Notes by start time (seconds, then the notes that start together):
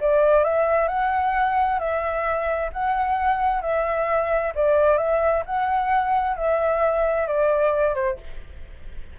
0.00 D5
0.44 E5
0.88 F#5
1.79 E5
2.72 F#5
3.61 E5
4.55 D5
4.97 E5
5.45 F#5
6.36 E5
7.27 D5
7.94 C5